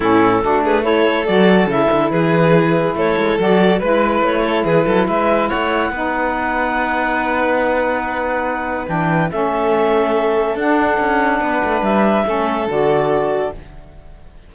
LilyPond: <<
  \new Staff \with { instrumentName = "clarinet" } { \time 4/4 \tempo 4 = 142 a'4. b'8 cis''4 d''4 | e''4 b'2 cis''4 | d''4 b'4 cis''4 b'4 | e''4 fis''2.~ |
fis''1~ | fis''4 g''4 e''2~ | e''4 fis''2. | e''2 d''2 | }
  \new Staff \with { instrumentName = "violin" } { \time 4/4 e'4 fis'8 gis'8 a'2~ | a'4 gis'2 a'4~ | a'4 b'4. a'8 gis'8 a'8 | b'4 cis''4 b'2~ |
b'1~ | b'2 a'2~ | a'2. b'4~ | b'4 a'2. | }
  \new Staff \with { instrumentName = "saxophone" } { \time 4/4 cis'4 d'4 e'4 fis'4 | e'1 | fis'4 e'2.~ | e'2 dis'2~ |
dis'1~ | dis'4 d'4 cis'2~ | cis'4 d'2.~ | d'4 cis'4 fis'2 | }
  \new Staff \with { instrumentName = "cello" } { \time 4/4 a,4 a2 fis4 | cis8 d8 e2 a8 gis8 | fis4 gis4 a4 e8 fis8 | gis4 a4 b2~ |
b1~ | b4 e4 a2~ | a4 d'4 cis'4 b8 a8 | g4 a4 d2 | }
>>